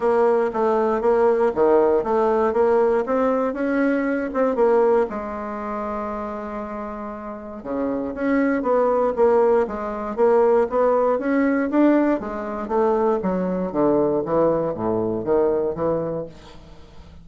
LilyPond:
\new Staff \with { instrumentName = "bassoon" } { \time 4/4 \tempo 4 = 118 ais4 a4 ais4 dis4 | a4 ais4 c'4 cis'4~ | cis'8 c'8 ais4 gis2~ | gis2. cis4 |
cis'4 b4 ais4 gis4 | ais4 b4 cis'4 d'4 | gis4 a4 fis4 d4 | e4 a,4 dis4 e4 | }